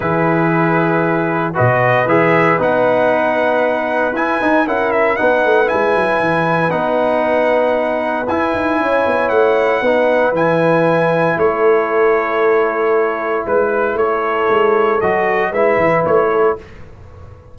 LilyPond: <<
  \new Staff \with { instrumentName = "trumpet" } { \time 4/4 \tempo 4 = 116 b'2. dis''4 | e''4 fis''2. | gis''4 fis''8 e''8 fis''4 gis''4~ | gis''4 fis''2. |
gis''2 fis''2 | gis''2 cis''2~ | cis''2 b'4 cis''4~ | cis''4 dis''4 e''4 cis''4 | }
  \new Staff \with { instrumentName = "horn" } { \time 4/4 gis'2. b'4~ | b'1~ | b'4 ais'4 b'2~ | b'1~ |
b'4 cis''2 b'4~ | b'2 a'2~ | a'2 b'4 a'4~ | a'2 b'4. a'8 | }
  \new Staff \with { instrumentName = "trombone" } { \time 4/4 e'2. fis'4 | gis'4 dis'2. | e'8 dis'8 e'4 dis'4 e'4~ | e'4 dis'2. |
e'2. dis'4 | e'1~ | e'1~ | e'4 fis'4 e'2 | }
  \new Staff \with { instrumentName = "tuba" } { \time 4/4 e2. b,4 | e4 b2. | e'8 dis'8 cis'4 b8 a8 gis8 fis8 | e4 b2. |
e'8 dis'8 cis'8 b8 a4 b4 | e2 a2~ | a2 gis4 a4 | gis4 fis4 gis8 e8 a4 | }
>>